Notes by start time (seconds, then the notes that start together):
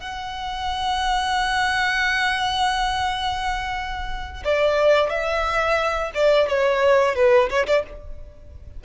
0.00 F#5
4.44 D5
5.10 E5
6.14 D5
6.48 C#5
7.15 B4
7.49 C#5
7.66 D5